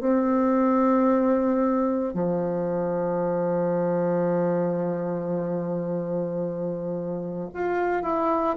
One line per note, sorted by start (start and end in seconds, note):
0.00 2.14 C4
2.14 7.50 F3
7.53 8.02 F4
8.02 8.56 E4